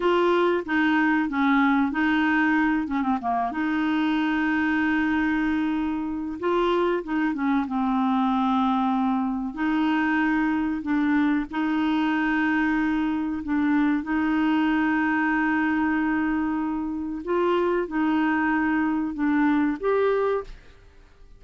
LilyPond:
\new Staff \with { instrumentName = "clarinet" } { \time 4/4 \tempo 4 = 94 f'4 dis'4 cis'4 dis'4~ | dis'8 cis'16 c'16 ais8 dis'2~ dis'8~ | dis'2 f'4 dis'8 cis'8 | c'2. dis'4~ |
dis'4 d'4 dis'2~ | dis'4 d'4 dis'2~ | dis'2. f'4 | dis'2 d'4 g'4 | }